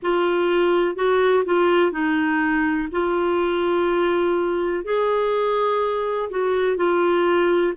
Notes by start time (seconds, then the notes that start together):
0.02 F4
0.95 F#4
1.45 F4
1.91 D#4
2.91 F4
4.84 G#4
6.29 F#4
6.77 F4